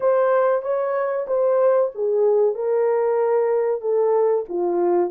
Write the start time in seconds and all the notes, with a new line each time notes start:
0.00 C5
0.62 C#5
1.27 C5
1.94 G#4
2.54 A#4
3.81 A4
4.49 F4